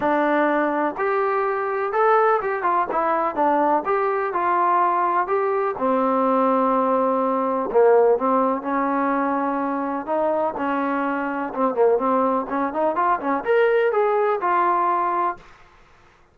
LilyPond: \new Staff \with { instrumentName = "trombone" } { \time 4/4 \tempo 4 = 125 d'2 g'2 | a'4 g'8 f'8 e'4 d'4 | g'4 f'2 g'4 | c'1 |
ais4 c'4 cis'2~ | cis'4 dis'4 cis'2 | c'8 ais8 c'4 cis'8 dis'8 f'8 cis'8 | ais'4 gis'4 f'2 | }